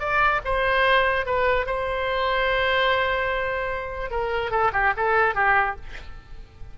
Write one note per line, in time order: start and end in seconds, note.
0.00 0.41 D5
0.45 1.26 C5
1.26 1.66 B4
1.66 4.11 C5
4.11 4.51 A#4
4.51 4.72 A4
4.73 4.94 G4
4.97 5.35 A4
5.35 5.76 G4